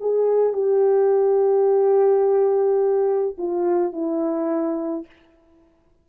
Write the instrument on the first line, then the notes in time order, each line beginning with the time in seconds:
horn
0.00 G#4
0.53 G4
3.38 F4
3.93 E4